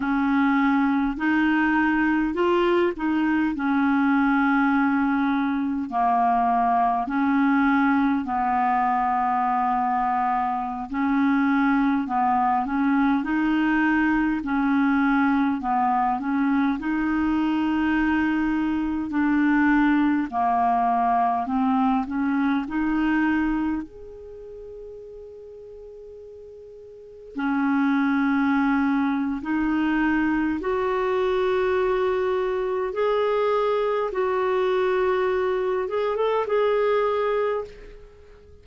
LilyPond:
\new Staff \with { instrumentName = "clarinet" } { \time 4/4 \tempo 4 = 51 cis'4 dis'4 f'8 dis'8 cis'4~ | cis'4 ais4 cis'4 b4~ | b4~ b16 cis'4 b8 cis'8 dis'8.~ | dis'16 cis'4 b8 cis'8 dis'4.~ dis'16~ |
dis'16 d'4 ais4 c'8 cis'8 dis'8.~ | dis'16 gis'2. cis'8.~ | cis'4 dis'4 fis'2 | gis'4 fis'4. gis'16 a'16 gis'4 | }